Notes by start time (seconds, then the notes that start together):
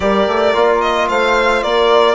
0.00 G3 G4 A#4 D5
0.27 A3
0.53 A#3 F4
0.81 D#5
1.08 A3 C5 F5
1.62 A#3 A#4 D5